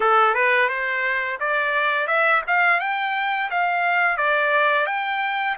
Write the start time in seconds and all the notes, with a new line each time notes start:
0.00 A4
0.34 B4
0.68 C5
1.40 D5
2.07 E5
2.47 F5
2.80 G5
3.50 F5
4.17 D5
4.86 G5